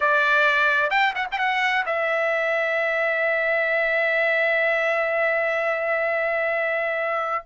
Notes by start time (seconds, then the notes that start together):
0.00 D5
0.90 G5
1.15 F#5
1.31 G5
1.38 F#5
1.86 E5